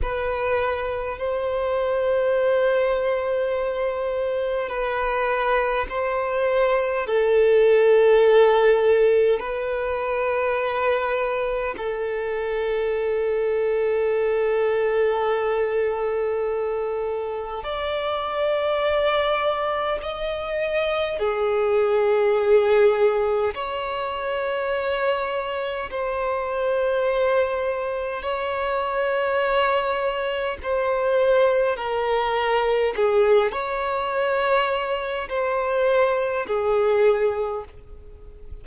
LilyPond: \new Staff \with { instrumentName = "violin" } { \time 4/4 \tempo 4 = 51 b'4 c''2. | b'4 c''4 a'2 | b'2 a'2~ | a'2. d''4~ |
d''4 dis''4 gis'2 | cis''2 c''2 | cis''2 c''4 ais'4 | gis'8 cis''4. c''4 gis'4 | }